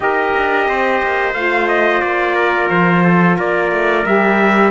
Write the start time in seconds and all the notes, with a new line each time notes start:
0.00 D#4 G4 A#4 D#5
0.36 D4
0.68 C4 C5
1.02 A#3
1.33 A3 F4 F5
1.67 D#5
2.01 A#3 D5
2.35 A#4
2.69 F3 C5
3.04 A4
3.37 A#3 A#4 D5
3.71 A3
4.04 G3 G4 E5